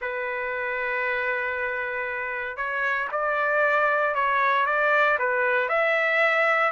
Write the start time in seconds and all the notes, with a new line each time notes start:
0.01 B4
2.56 C#5
3.11 D5
4.14 C#5
4.66 D5
5.18 B4
5.68 E5